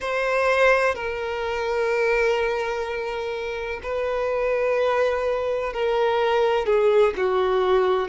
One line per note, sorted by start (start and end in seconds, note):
0.00 0.94 C5
0.94 3.80 A#4
3.82 5.73 B4
5.73 6.66 A#4
6.66 7.13 G#4
7.16 8.08 F#4